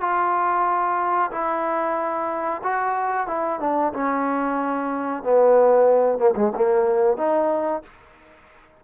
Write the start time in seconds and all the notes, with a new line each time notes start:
0.00 F4
1.31 E4
2.63 F#4
3.27 E4
3.60 D4
3.92 C#4
5.23 B3
6.18 A#3
6.36 G#3
6.55 A#3
7.17 D#4